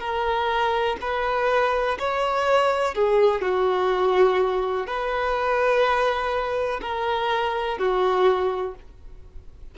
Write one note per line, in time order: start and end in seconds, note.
0.00 0.97 A#4
1.01 1.98 B4
1.99 2.94 C#5
2.94 3.41 G#4
3.41 4.87 F#4
4.87 6.80 B4
6.81 7.78 A#4
7.78 8.74 F#4